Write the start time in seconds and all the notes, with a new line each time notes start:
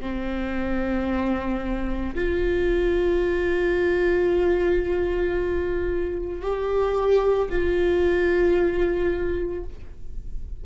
0.00 C4
2.15 F4
6.41 G4
7.50 F4